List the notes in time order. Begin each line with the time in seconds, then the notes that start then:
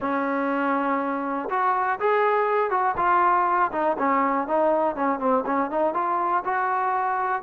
0.00 C#4
1.49 F#4
1.99 G#4
2.70 F#4
2.97 F4
3.71 D#4
3.98 C#4
4.47 D#4
4.95 C#4
5.19 C4
5.46 C#4
5.70 D#4
5.94 F4
6.45 F#4